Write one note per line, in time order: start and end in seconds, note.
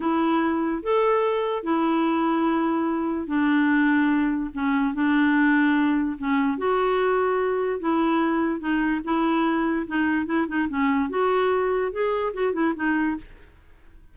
0.00 0.82 E4
0.82 1.63 A4
1.63 3.27 E4
3.27 4.50 D4
4.54 4.94 C#4
4.94 6.17 D4
6.18 6.58 C#4
6.58 7.80 F#4
7.80 8.59 E4
8.59 9.01 D#4
9.04 9.86 E4
9.87 10.26 D#4
10.26 10.46 E4
10.48 10.68 D#4
10.68 11.09 C#4
11.09 11.91 F#4
11.91 12.33 G#4
12.33 12.53 F#4
12.53 12.73 E4
12.75 13.16 D#4